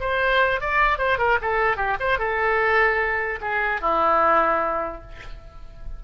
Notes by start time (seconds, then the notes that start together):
0.00 C5
0.61 D5
0.98 C5
1.18 A#4
1.41 A4
1.77 G4
2.00 C5
2.18 A4
3.41 G#4
3.81 E4